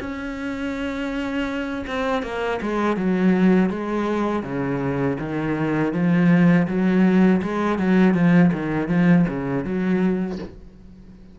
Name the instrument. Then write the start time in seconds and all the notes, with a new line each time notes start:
cello
0.00 C#4
1.87 C4
2.23 A#3
2.62 G#3
2.97 F#3
3.70 G#3
4.43 C#3
5.20 D#3
5.93 F3
6.68 F#3
7.42 G#3
7.79 F#3
8.14 F3
8.53 D#3
8.89 F3
9.29 C#3
9.65 F#3